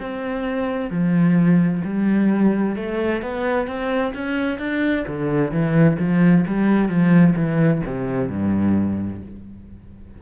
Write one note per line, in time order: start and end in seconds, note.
0.00 0.90 C4
0.90 1.83 F3
1.84 2.76 G3
2.76 3.22 A3
3.23 3.68 B3
3.68 4.14 C4
4.15 4.59 C#4
4.59 5.05 D4
5.07 5.52 D3
5.52 5.98 E3
5.99 6.45 F3
6.47 6.89 G3
6.89 7.35 F3
7.36 7.82 E3
7.86 8.29 C3
8.29 9.21 G2